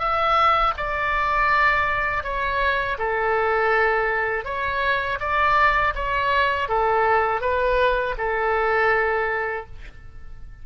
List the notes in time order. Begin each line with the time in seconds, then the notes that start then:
0.00 E5
0.77 D5
2.24 C#5
2.99 A4
4.45 C#5
5.20 D5
5.96 C#5
6.69 A4
7.41 B4
8.19 A4